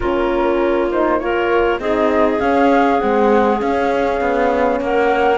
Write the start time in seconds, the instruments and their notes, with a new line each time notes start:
0.00 cello A#3, horn C#4, clarinet F4, flute A#4
0.91 horn D#4, flute C5
1.19 horn F4, clarinet A#4, flute C#5
1.79 cello C4, horn D#4, clarinet G#4, flute D#5
2.39 horn C#4, cello C#4, flute F5
2.98 cello G#3, horn C4, flute F#5
3.58 horn C#4, cello C#4, flute F5
4.20 cello B3
4.80 cello A#3, clarinet A#4, flute F#5